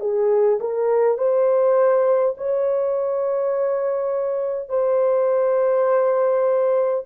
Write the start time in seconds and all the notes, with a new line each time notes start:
0.00 G#4
0.60 A#4
1.18 C5
2.37 C#5
4.69 C5